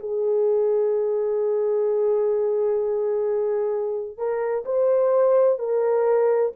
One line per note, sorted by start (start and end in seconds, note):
0.00 4.18 G#4
4.18 4.65 A#4
4.65 5.59 C5
5.59 6.53 A#4